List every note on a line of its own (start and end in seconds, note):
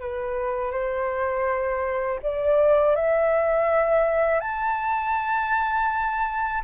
0.00 0.71 B4
0.71 2.20 C5
2.22 2.96 D5
2.96 4.40 E5
4.40 6.62 A5